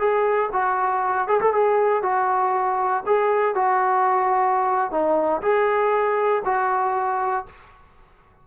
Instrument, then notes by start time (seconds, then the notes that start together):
trombone
0.00 G#4
0.53 F#4
1.28 G#4
1.41 A4
1.54 G#4
2.03 F#4
3.07 G#4
3.55 F#4
4.91 D#4
5.42 G#4
6.45 F#4